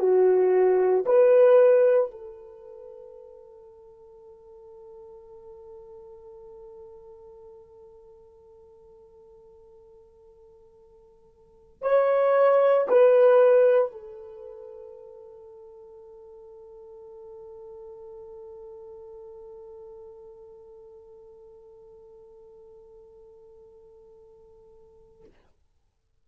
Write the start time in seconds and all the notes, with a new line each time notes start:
0.00 F#4
1.06 B4
2.11 A4
11.82 C#5
12.89 B4
13.92 A4